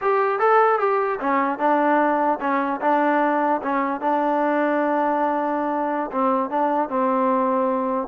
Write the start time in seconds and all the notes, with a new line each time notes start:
0.01 G4
0.39 A4
0.79 G4
1.19 C#4
1.58 D4
2.40 C#4
2.81 D4
3.61 C#4
4.00 D4
6.11 C4
6.50 D4
6.89 C4